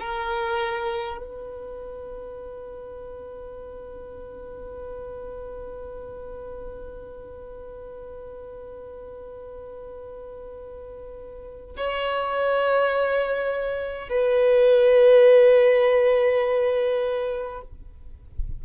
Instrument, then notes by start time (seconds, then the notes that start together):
violin
0.00 A#4
1.17 B4
11.76 C#5
14.09 B4